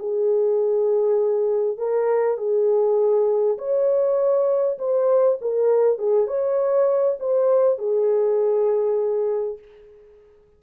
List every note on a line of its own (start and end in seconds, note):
0.00 1.78 G#4
1.78 2.38 A#4
2.38 3.58 G#4
3.59 4.79 C#5
4.79 5.39 C5
5.42 5.99 A#4
5.99 6.28 G#4
6.28 7.18 C#5
7.20 7.79 C5
7.79 9.59 G#4